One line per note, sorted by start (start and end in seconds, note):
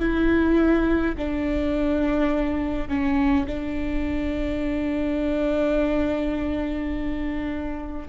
0.00 1.15 E4
1.18 2.89 D4
2.89 3.47 C#4
3.47 8.09 D4